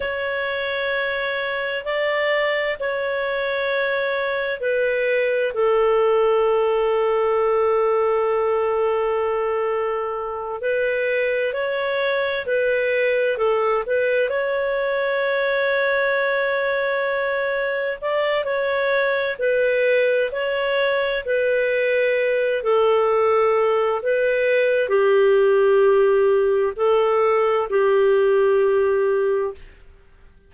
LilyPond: \new Staff \with { instrumentName = "clarinet" } { \time 4/4 \tempo 4 = 65 cis''2 d''4 cis''4~ | cis''4 b'4 a'2~ | a'2.~ a'8 b'8~ | b'8 cis''4 b'4 a'8 b'8 cis''8~ |
cis''2.~ cis''8 d''8 | cis''4 b'4 cis''4 b'4~ | b'8 a'4. b'4 g'4~ | g'4 a'4 g'2 | }